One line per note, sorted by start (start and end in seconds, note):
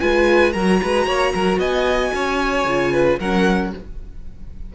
0.00 0.54 G#3
0.00 0.54 F4
0.00 0.54 B4
0.00 0.52 G#5
0.52 0.81 F#3
0.52 2.67 F#4
0.52 0.80 A#4
0.52 1.58 A#5
0.82 1.06 G#3
0.82 1.06 B4
1.06 1.33 A#3
1.06 1.33 C#5
1.34 1.58 F#3
1.34 1.59 A#4
1.58 2.11 B3
1.58 2.12 D#5
1.58 3.19 G#5
2.13 2.64 C#4
2.13 2.92 C#5
2.64 3.17 C#3
2.64 3.20 F4
2.92 3.19 B4
3.19 3.73 F#3
3.19 3.75 C#4
3.19 3.72 A#4
3.19 3.73 F#5